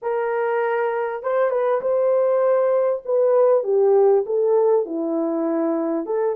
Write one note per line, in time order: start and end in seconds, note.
0.02 1.22 A#4
1.22 1.50 C5
1.50 1.80 B4
1.81 3.02 C5
3.05 3.63 B4
3.63 4.24 G4
4.26 4.85 A4
4.85 6.06 E4
6.06 6.35 A4